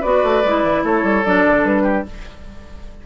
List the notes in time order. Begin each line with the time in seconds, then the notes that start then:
0.00 B3 F#4 B4 D5
0.23 A3
0.45 G#3 E4
0.63 E3
0.84 A3 A4 C#5
1.03 G3
1.25 F#3 D4 D5
1.46 D3
1.64 G3 B4
1.83 G4